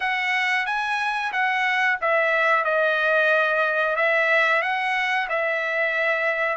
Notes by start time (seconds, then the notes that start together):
0.00 F#5
0.66 G#5
1.32 F#5
2.01 E5
2.64 D#5
3.96 E5
4.62 F#5
5.29 E5